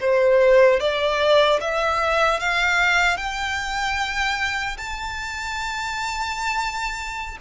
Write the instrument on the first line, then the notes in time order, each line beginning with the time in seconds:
violin
0.00 C5
0.80 D5
1.60 E5
2.40 F5
3.17 G5
4.77 A5